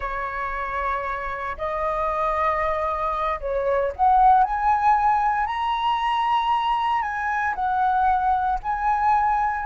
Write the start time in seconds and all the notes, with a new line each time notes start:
0.00 C#5
1.57 D#5
3.40 C#5
3.95 F#5
4.43 G#5
5.46 A#5
7.02 G#5
7.54 F#5
8.62 G#5